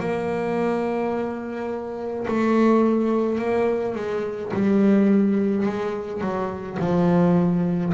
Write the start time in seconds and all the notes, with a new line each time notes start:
0.00 A#3
2.27 A3
3.39 A#3
3.95 G#3
4.53 G3
5.66 G#3
6.21 F#3
6.80 F3